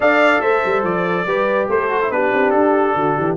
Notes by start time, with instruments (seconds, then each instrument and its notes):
0.00 tuba D4, trombone A4, horn D5, trumpet F5
0.40 tuba A3, horn C5, trumpet E5
0.65 tuba G3
0.83 tuba F3, trumpet D5
1.26 tuba G3, trombone G4, horn B4
1.69 tuba A3, horn A4, trumpet C5
1.90 trombone F#4
2.01 trombone E4
2.10 tuba B3, trombone D4, horn G4, trumpet B4
2.32 tuba C4
2.50 tuba D4, trumpet A4
2.95 tuba D3, horn F#4
3.15 tuba E3, horn G4